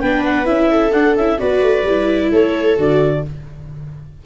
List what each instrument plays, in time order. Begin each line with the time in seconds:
0.00 tuba B3, viola D4 B4, clarinet G5
0.24 clarinet F#5
0.45 tuba C#4, viola E4, clarinet E5
0.71 viola A4
0.92 tuba D4, viola D4, clarinet F#5
1.16 tuba C#4, viola E4, clarinet E5
1.38 tuba B3, viola F#4 B4, clarinet D5
1.62 tuba A3
1.83 tuba G3, viola E4
2.32 tuba A3, viola A4, clarinet C#5
2.77 tuba D3, viola F#4, clarinet D5